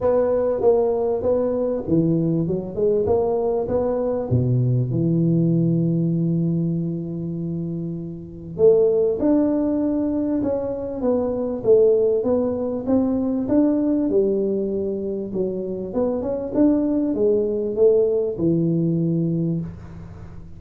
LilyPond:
\new Staff \with { instrumentName = "tuba" } { \time 4/4 \tempo 4 = 98 b4 ais4 b4 e4 | fis8 gis8 ais4 b4 b,4 | e1~ | e2 a4 d'4~ |
d'4 cis'4 b4 a4 | b4 c'4 d'4 g4~ | g4 fis4 b8 cis'8 d'4 | gis4 a4 e2 | }